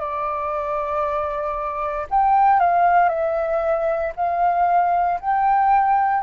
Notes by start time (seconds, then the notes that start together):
0.00 D5
2.10 G5
2.60 F5
3.09 E5
4.16 F5
5.21 G5